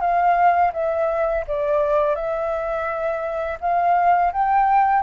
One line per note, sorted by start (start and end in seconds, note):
0.00 0.71 F5
0.73 1.44 E5
1.47 2.15 D5
2.15 3.58 E5
3.60 4.32 F5
4.32 5.02 G5